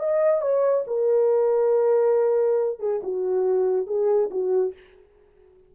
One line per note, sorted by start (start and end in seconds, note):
0.00 0.42 D#5
0.42 0.85 C#5
0.87 2.80 A#4
2.80 3.01 G#4
3.03 3.87 F#4
3.87 4.30 G#4
4.31 4.74 F#4